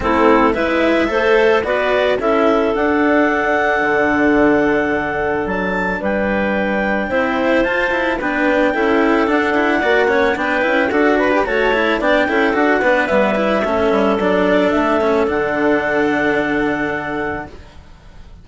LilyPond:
<<
  \new Staff \with { instrumentName = "clarinet" } { \time 4/4 \tempo 4 = 110 a'4 e''2 d''4 | e''4 fis''2.~ | fis''2 a''4 g''4~ | g''2 a''4 g''4~ |
g''4 fis''2 g''4 | fis''8 b''8 a''4 g''4 fis''4 | e''2 d''4 e''4 | fis''1 | }
  \new Staff \with { instrumentName = "clarinet" } { \time 4/4 e'4 b'4 c''4 b'4 | a'1~ | a'2. b'4~ | b'4 c''2 b'4 |
a'2 d''8 cis''8 b'4 | a'8 b'8 cis''4 d''8 a'4 b'8~ | b'4 a'2.~ | a'1 | }
  \new Staff \with { instrumentName = "cello" } { \time 4/4 c'4 e'4 a'4 fis'4 | e'4 d'2.~ | d'1~ | d'4 e'4 f'8 e'8 d'4 |
e'4 d'8 e'8 fis'8 cis'8 d'8 e'8 | fis'8. g'16 fis'8 e'8 d'8 e'8 fis'8 d'8 | b8 e'8 cis'4 d'4. cis'8 | d'1 | }
  \new Staff \with { instrumentName = "bassoon" } { \time 4/4 a4 gis4 a4 b4 | cis'4 d'2 d4~ | d2 fis4 g4~ | g4 c'4 f'4 b4 |
cis'4 d'4 ais4 b8 cis'8 | d'4 a4 b8 cis'8 d'8 b8 | g4 a8 g8 fis4 a4 | d1 | }
>>